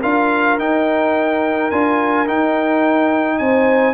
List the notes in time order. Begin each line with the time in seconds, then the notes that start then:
0.00 D4 F4 A#4 F5
0.58 D#4 G5
1.71 D4 F4 G#5
2.27 D#4 G5
3.38 C4 C5 G#5